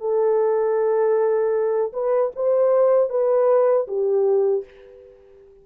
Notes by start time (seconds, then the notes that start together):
0.00 A4
1.93 B4
2.36 C5
3.10 B4
3.88 G4